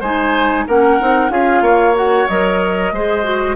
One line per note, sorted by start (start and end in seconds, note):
0.00 0.65 G#3
0.00 0.68 D#4
0.00 0.65 C5
0.00 0.66 G#5
0.67 1.00 A#3
0.67 1.00 C#4
0.67 1.31 A#4
0.67 1.31 F#5
1.00 1.30 C4
1.00 1.30 D#4
1.30 1.61 C#4
1.30 1.94 F4
1.30 1.63 G#4
1.30 1.96 F5
1.61 2.26 A#3
1.61 2.92 C#5
1.94 2.27 F#4
1.94 2.28 F#5
2.28 2.92 F#3
2.28 2.94 A#4
2.28 3.56 D#5
2.92 3.56 G#3
2.92 3.23 G#4
2.92 3.56 C5
3.23 3.55 F#4